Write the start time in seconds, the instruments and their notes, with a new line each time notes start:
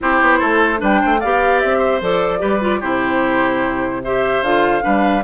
0.01 bassoon C4, clarinet E4, oboe G4, flute C5
0.20 bassoon B3
0.39 bassoon A3, oboe A4
0.77 bassoon G3, clarinet D4, oboe B4, flute G5
1.01 bassoon A3, oboe C5
1.20 bassoon B3, clarinet G4, oboe D5, flute F5
1.60 bassoon C4, flute E5
1.78 oboe C5
2.01 bassoon F3, clarinet A4, flute D5
2.39 bassoon G3, clarinet G4, oboe B4
2.60 clarinet F4
2.80 bassoon C3, clarinet E4, oboe G4, flute C5
4.04 clarinet G4, oboe C5, flute E5
4.41 bassoon D3, clarinet F4, flute F5
4.81 bassoon G3, clarinet D4, oboe B4